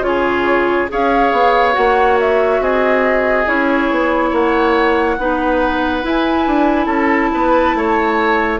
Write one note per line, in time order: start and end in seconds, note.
0.00 0.86 C#3
0.00 0.88 F4
0.00 0.88 C#5
0.07 0.91 G#4
0.89 1.32 C#4
0.89 1.73 G#4
0.89 2.62 C#5
0.89 1.74 F5
1.32 1.75 B3
1.73 2.59 A#3
1.73 3.44 F#4
1.73 2.17 F#5
2.20 2.62 E5
2.59 3.45 C4
2.59 4.30 G#4
2.59 3.48 D#5
3.46 3.90 C#4
3.46 5.17 E4
3.46 4.34 C#5
3.90 4.32 B3
4.30 5.17 A#3
4.30 5.16 C#5
4.30 6.06 F#5
5.18 6.03 B3
5.18 6.02 D#4
5.18 6.86 B4
6.02 8.59 E4
6.02 6.47 E4
6.02 6.86 G#5
6.47 6.86 D4
6.86 7.29 C#4
6.86 7.29 A4
6.86 8.57 A5
7.33 7.74 B3
7.33 7.76 B4
7.74 8.60 A3
7.74 8.60 C#5